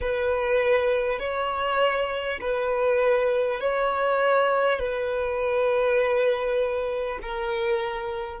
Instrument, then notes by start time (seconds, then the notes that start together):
violin
0.01 B4
1.19 C#5
2.40 B4
3.60 C#5
4.79 B4
7.22 A#4